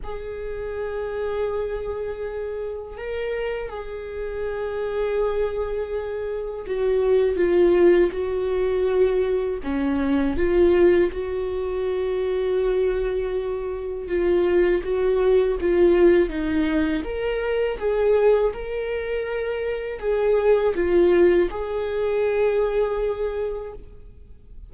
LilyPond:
\new Staff \with { instrumentName = "viola" } { \time 4/4 \tempo 4 = 81 gis'1 | ais'4 gis'2.~ | gis'4 fis'4 f'4 fis'4~ | fis'4 cis'4 f'4 fis'4~ |
fis'2. f'4 | fis'4 f'4 dis'4 ais'4 | gis'4 ais'2 gis'4 | f'4 gis'2. | }